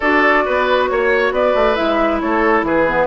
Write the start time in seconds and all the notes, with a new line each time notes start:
0.00 D4 F#4 A4 D5
0.45 B3 B4
0.87 A#3 C#5
1.31 B3 B4 D5
1.54 A3
1.75 G#3 E4 E5
2.20 A3 A4 C#5
2.62 E3 G#4 B4
2.87 B3